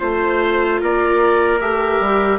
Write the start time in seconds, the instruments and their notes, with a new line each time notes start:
0.00 bassoon A3, viola F4, trumpet C5, oboe C5
0.81 bassoon A#3, trumpet A#4, oboe D5
1.60 bassoon A3, viola G4, oboe E5
2.00 bassoon G3